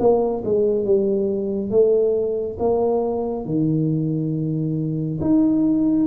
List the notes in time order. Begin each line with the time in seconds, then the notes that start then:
0.00 A#3
0.45 G#3
0.85 G3
1.71 A3
2.60 A#3
3.46 D#3
5.21 D#4